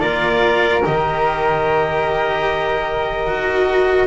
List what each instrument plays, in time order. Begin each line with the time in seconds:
0.00 double bass A#3, cello F4, flute A#4, clarinet D5
0.85 double bass D#3, cello G4, clarinet D#5
3.27 double bass D#4, cello F#4